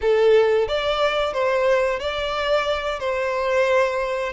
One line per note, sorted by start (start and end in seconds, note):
0.01 0.68 A4
0.68 1.33 D5
1.33 1.99 C5
1.99 2.99 D5
2.99 4.32 C5